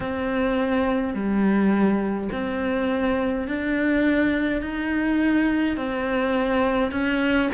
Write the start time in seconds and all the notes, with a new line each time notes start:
0.00 C4
1.13 G3
2.32 C4
3.47 D4
4.62 D#4
5.76 C4
6.91 C#4